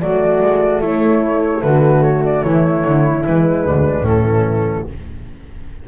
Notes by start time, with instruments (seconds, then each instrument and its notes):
0.00 double bass F#3, horn A3, flute F#4 D5
0.42 double bass G#3
0.81 double bass A3, flute E4 C#5
1.62 double bass D3, flute F#4 B4
2.03 flute C#5
2.25 flute D5
2.43 double bass E3, flute E4 C#5
2.84 double bass D3
3.26 double bass E3, horn G#3, flute B4
3.64 double bass D2, flute D4
4.01 double bass A2, horn E3, flute C#4 A4